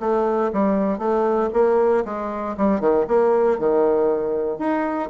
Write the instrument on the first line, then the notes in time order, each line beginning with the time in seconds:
bassoon
0.00 A3
0.53 G3
0.98 A3
1.53 A#3
2.05 G#3
2.58 G3
2.80 D#3
3.08 A#3
3.59 D#3
4.59 D#4